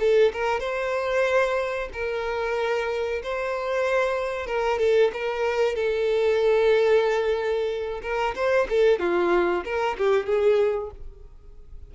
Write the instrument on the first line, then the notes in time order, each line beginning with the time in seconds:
violin
0.00 A4
0.33 A#4
0.60 C5
1.93 A#4
3.23 C5
4.47 A#4
4.79 A4
5.13 A#4
5.75 A4
8.02 A#4
8.35 C5
8.70 A4
9.00 F4
9.65 A#4
9.98 G4
10.26 G#4